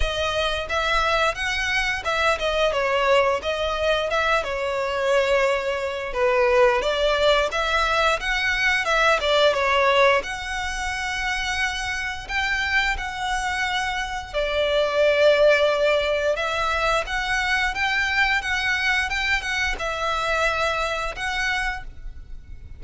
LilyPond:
\new Staff \with { instrumentName = "violin" } { \time 4/4 \tempo 4 = 88 dis''4 e''4 fis''4 e''8 dis''8 | cis''4 dis''4 e''8 cis''4.~ | cis''4 b'4 d''4 e''4 | fis''4 e''8 d''8 cis''4 fis''4~ |
fis''2 g''4 fis''4~ | fis''4 d''2. | e''4 fis''4 g''4 fis''4 | g''8 fis''8 e''2 fis''4 | }